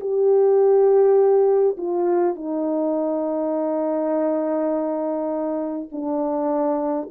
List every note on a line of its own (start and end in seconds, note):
0.00 1.76 G4
1.78 2.35 F4
2.35 5.88 D#4
5.91 7.09 D4